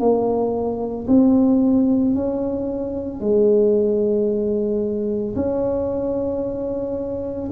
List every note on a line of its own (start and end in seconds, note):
0.00 1.07 A#3
1.08 2.15 C4
2.15 3.21 C#4
3.21 5.35 G#3
5.36 7.50 C#4